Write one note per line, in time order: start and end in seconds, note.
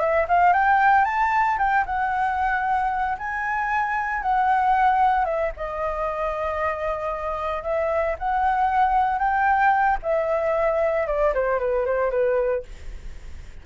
0.00 0.26 E5
0.28 0.53 F5
0.53 1.05 G5
1.05 1.57 A5
1.58 1.84 G5
1.86 3.17 F#5
3.18 4.22 G#5
4.22 5.25 F#5
5.25 5.51 E5
5.56 7.63 D#5
7.63 8.16 E5
8.19 9.19 F#5
9.19 9.98 G5
10.03 11.07 E5
11.07 11.33 D5
11.34 11.59 C5
11.59 11.86 B4
11.86 12.11 C5
12.11 12.63 B4